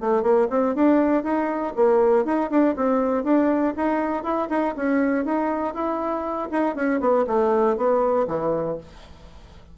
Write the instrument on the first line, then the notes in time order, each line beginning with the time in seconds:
bassoon
0.00 A3
0.22 A#3
0.50 C4
0.75 D4
1.23 D#4
1.75 A#3
2.25 D#4
2.50 D4
2.76 C4
3.23 D4
3.76 D#4
4.23 E4
4.49 D#4
4.76 C#4
5.25 D#4
5.74 E4
6.51 D#4
6.75 C#4
7.00 B3
7.27 A3
7.76 B3
8.27 E3